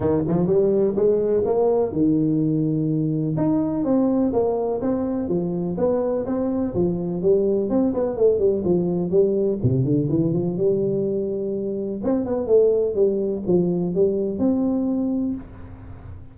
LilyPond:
\new Staff \with { instrumentName = "tuba" } { \time 4/4 \tempo 4 = 125 dis8 f8 g4 gis4 ais4 | dis2. dis'4 | c'4 ais4 c'4 f4 | b4 c'4 f4 g4 |
c'8 b8 a8 g8 f4 g4 | c8 d8 e8 f8 g2~ | g4 c'8 b8 a4 g4 | f4 g4 c'2 | }